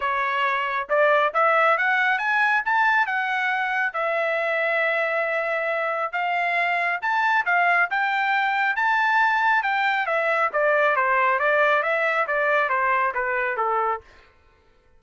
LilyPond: \new Staff \with { instrumentName = "trumpet" } { \time 4/4 \tempo 4 = 137 cis''2 d''4 e''4 | fis''4 gis''4 a''4 fis''4~ | fis''4 e''2.~ | e''2 f''2 |
a''4 f''4 g''2 | a''2 g''4 e''4 | d''4 c''4 d''4 e''4 | d''4 c''4 b'4 a'4 | }